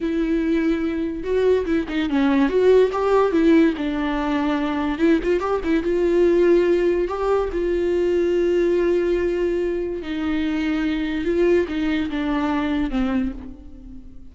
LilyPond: \new Staff \with { instrumentName = "viola" } { \time 4/4 \tempo 4 = 144 e'2. fis'4 | e'8 dis'8 cis'4 fis'4 g'4 | e'4 d'2. | e'8 f'8 g'8 e'8 f'2~ |
f'4 g'4 f'2~ | f'1 | dis'2. f'4 | dis'4 d'2 c'4 | }